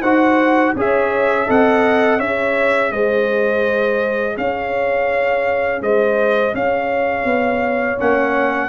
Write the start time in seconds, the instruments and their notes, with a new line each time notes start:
0.00 tuba D#4, trombone F#4, horn C5, trumpet F#5
0.75 tuba C#4, trombone G#4, horn C#5, trumpet E5
1.47 tuba C4, trombone A4, horn D#5, trumpet F#5
2.18 tuba C#4, trombone G#4, horn C#5, trumpet E5
2.91 tuba G#3, horn C5, trumpet D#5
4.37 tuba C#4, horn C#5, trumpet F5
5.81 tuba G#3, horn C5, trumpet D#5
6.53 tuba C#4, horn C#5, trumpet F5
7.24 tuba B3
7.98 tuba A#3, trombone C#4, trumpet F#5